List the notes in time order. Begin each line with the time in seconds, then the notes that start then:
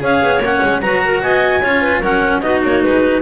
0.00 C#4 G#4 C#5 F5
0.23 B3
0.40 A#3 C#4 F#5
0.63 G#3
0.81 F#3 F#4 B4 A#5
1.05 A#4
1.22 B3 D#5 G#5
1.62 C#4 F4 C#5
1.82 B4
2.01 F#3 C#4 A#4 F#5
2.41 B3 D#4 F#4 D#5
2.64 A#3 C#5
2.83 G#3 B4